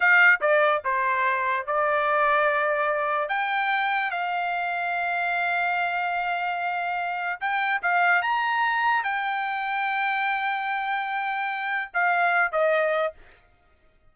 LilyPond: \new Staff \with { instrumentName = "trumpet" } { \time 4/4 \tempo 4 = 146 f''4 d''4 c''2 | d''1 | g''2 f''2~ | f''1~ |
f''2 g''4 f''4 | ais''2 g''2~ | g''1~ | g''4 f''4. dis''4. | }